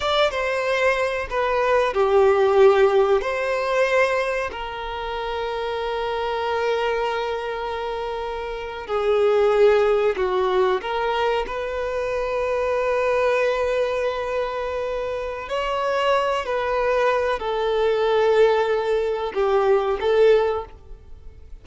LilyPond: \new Staff \with { instrumentName = "violin" } { \time 4/4 \tempo 4 = 93 d''8 c''4. b'4 g'4~ | g'4 c''2 ais'4~ | ais'1~ | ais'4.~ ais'16 gis'2 fis'16~ |
fis'8. ais'4 b'2~ b'16~ | b'1 | cis''4. b'4. a'4~ | a'2 g'4 a'4 | }